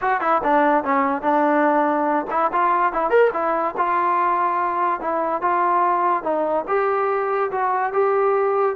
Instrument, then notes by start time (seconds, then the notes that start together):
trombone
0.01 F#4
0.20 E4
0.43 D4
0.83 C#4
1.22 D4
2.30 E4
2.52 F4
2.92 E4
3.10 A#4
3.33 E4
3.77 F4
5.00 E4
5.41 F4
6.23 D#4
6.67 G4
7.51 F#4
7.92 G4